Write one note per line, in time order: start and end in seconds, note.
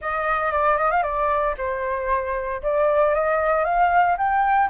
0.01 0.51 D#5
0.51 0.77 D5
0.77 0.90 D#5
0.90 1.02 F5
1.02 1.54 D5
1.57 2.62 C5
2.62 3.14 D5
3.14 3.64 D#5
3.64 4.16 F5
4.17 4.69 G5